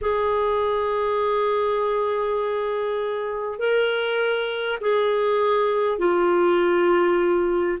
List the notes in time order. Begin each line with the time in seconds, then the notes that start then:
0.01 G#4
3.58 A#4
4.81 G#4
5.98 F4